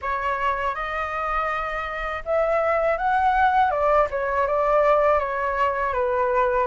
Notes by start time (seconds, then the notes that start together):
0.01 C#5
0.74 D#5
2.25 E5
2.97 F#5
3.70 D5
4.10 C#5
4.46 D5
5.19 C#5
5.93 B4